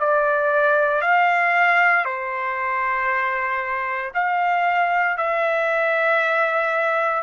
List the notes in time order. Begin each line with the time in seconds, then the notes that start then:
0.00 D5
1.02 F5
2.05 C5
4.15 F5
5.18 E5